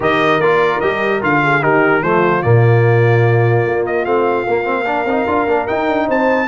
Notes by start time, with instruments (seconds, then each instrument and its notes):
0.00 tuba D#3, trombone G4, horn A#4, trumpet D#5
0.39 tuba A#3, trombone F4, trumpet D5
0.80 tuba G3, trombone G4, trumpet D#5
1.21 tuba D3, trombone F4, trumpet F5
1.42 horn G#4
1.61 tuba D#3, trombone D#4, horn G4, trumpet A#4
2.02 tuba F3, trombone A3, horn F4, trumpet C5
2.42 tuba A#2, trombone A#3, trumpet D5
3.66 tuba A#3
3.85 trumpet D#5
4.05 tuba A3, trombone C4, trumpet F5
4.47 tuba A#3, trombone A#3
4.64 trombone C4
4.84 trombone D4, horn A#4
5.04 tuba C4, trombone D#4
5.27 tuba D4, trombone F4
5.47 tuba A#3, trombone D4
5.67 trombone D#4, tuba D#4, trumpet G5
5.87 tuba D4
6.06 tuba C4, horn C5, trumpet A5